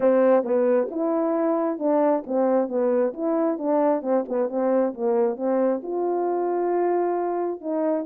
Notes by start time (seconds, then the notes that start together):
0.00 C4
0.43 B3
0.91 E4
1.78 D4
2.26 C4
2.68 B3
3.13 E4
3.58 D4
4.02 C4
4.28 B3
4.48 C4
4.94 A#3
5.36 C4
5.82 F4
7.60 D#4